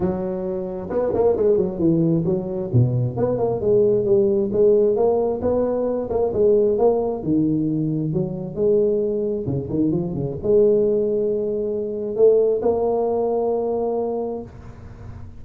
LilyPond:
\new Staff \with { instrumentName = "tuba" } { \time 4/4 \tempo 4 = 133 fis2 b8 ais8 gis8 fis8 | e4 fis4 b,4 b8 ais8 | gis4 g4 gis4 ais4 | b4. ais8 gis4 ais4 |
dis2 fis4 gis4~ | gis4 cis8 dis8 f8 cis8 gis4~ | gis2. a4 | ais1 | }